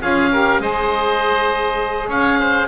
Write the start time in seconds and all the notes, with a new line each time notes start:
0.00 C#4 F4 G#4 F5
0.31 G4 A#4
0.59 G#3 G#4 C5 D#5
2.07 C#4 C#5 F5
2.40 C5